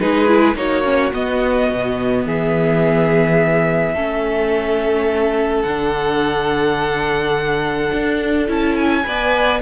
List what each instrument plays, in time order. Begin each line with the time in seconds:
0.00 cello G#3, viola D#4, violin G#4 B4
0.27 viola E4
0.56 cello A#3, viola D#4, violin F#4 C#5
0.84 viola C#4
1.13 viola B3, cello B3, violin D#5
1.71 cello B2
2.26 cello E3, violin G#4 E5
3.94 cello A3, viola C#4, violin A4
5.62 cello D3, violin F#5
5.68 viola D4
7.94 cello D4
8.48 cello C#4, viola E4, violin A5
8.76 violin G#5
9.04 cello B3, viola B4, violin D5